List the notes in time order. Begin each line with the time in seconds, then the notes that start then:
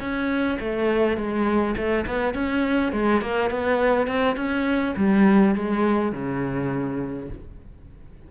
0.00 C#4
0.60 A3
1.17 G#3
1.76 A3
2.07 B3
2.34 C#4
2.92 G#3
3.21 A#3
3.50 B3
4.07 C4
4.36 C#4
4.97 G3
5.55 G#3
6.12 C#3